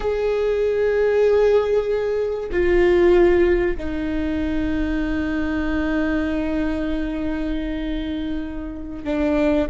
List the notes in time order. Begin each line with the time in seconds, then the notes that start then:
0.00 G#4
2.51 F4
3.77 D#4
9.04 D4